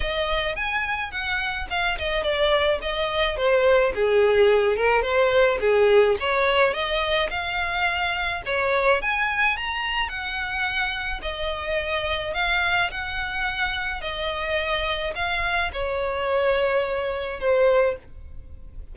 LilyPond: \new Staff \with { instrumentName = "violin" } { \time 4/4 \tempo 4 = 107 dis''4 gis''4 fis''4 f''8 dis''8 | d''4 dis''4 c''4 gis'4~ | gis'8 ais'8 c''4 gis'4 cis''4 | dis''4 f''2 cis''4 |
gis''4 ais''4 fis''2 | dis''2 f''4 fis''4~ | fis''4 dis''2 f''4 | cis''2. c''4 | }